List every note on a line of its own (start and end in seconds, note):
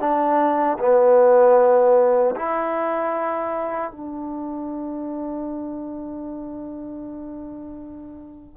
0.00 0.78 D4
0.79 2.35 B3
2.36 3.91 E4
3.91 8.57 D4